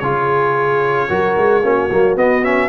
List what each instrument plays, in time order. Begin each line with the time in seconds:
0.00 tuba C#3, trombone F4, horn G#4, trumpet C#5
1.09 tuba F#3, trombone F#4, horn A#4
1.38 tuba G#3
1.62 tuba A#3, trombone C#4, horn F#4
1.91 tuba F#3, trombone A#3
2.17 trombone B3, tuba B3, trumpet D#5
2.43 trombone C#4, trumpet E5